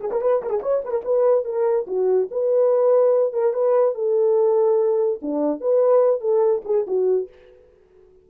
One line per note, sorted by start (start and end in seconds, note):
0.00 0.10 G#4
0.11 0.21 A#4
0.21 0.42 B4
0.42 0.49 A#4
0.49 0.60 G#4
0.62 0.83 C#5
0.84 0.91 B4
0.91 1.01 A#4
1.05 1.44 B4
1.44 1.86 A#4
1.87 2.28 F#4
2.31 3.33 B4
3.33 3.53 A#4
3.53 3.95 B4
3.95 5.20 A4
5.21 5.60 D4
5.60 6.20 B4
6.20 6.62 A4
6.65 6.86 G#4
6.87 7.29 F#4